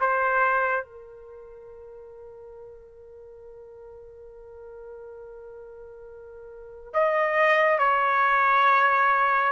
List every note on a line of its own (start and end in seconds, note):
0.00 0.85 C5
0.85 6.93 A#4
6.93 7.78 D#5
7.78 9.52 C#5